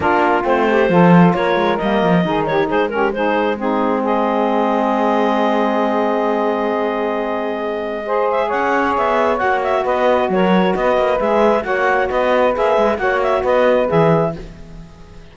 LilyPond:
<<
  \new Staff \with { instrumentName = "clarinet" } { \time 4/4 \tempo 4 = 134 ais'4 c''2 cis''4 | dis''4. cis''8 c''8 ais'8 c''4 | gis'4 dis''2.~ | dis''1~ |
dis''2~ dis''8 e''8 fis''4 | e''4 fis''8 e''8 dis''4 cis''4 | dis''4 e''4 fis''4 dis''4 | e''4 fis''8 e''8 dis''4 e''4 | }
  \new Staff \with { instrumentName = "saxophone" } { \time 4/4 f'4. g'8 a'4 ais'4~ | ais'4 gis'8 g'8 gis'8 g'8 gis'4 | dis'4 gis'2.~ | gis'1~ |
gis'2 c''4 cis''4~ | cis''2 b'4 ais'4 | b'2 cis''4 b'4~ | b'4 cis''4 b'2 | }
  \new Staff \with { instrumentName = "saxophone" } { \time 4/4 d'4 c'4 f'2 | ais4 dis'4. cis'8 dis'4 | c'1~ | c'1~ |
c'2 gis'2~ | gis'4 fis'2.~ | fis'4 gis'4 fis'2 | gis'4 fis'2 gis'4 | }
  \new Staff \with { instrumentName = "cello" } { \time 4/4 ais4 a4 f4 ais8 gis8 | g8 f8 dis4 gis2~ | gis1~ | gis1~ |
gis2. cis'4 | b4 ais4 b4 fis4 | b8 ais8 gis4 ais4 b4 | ais8 gis8 ais4 b4 e4 | }
>>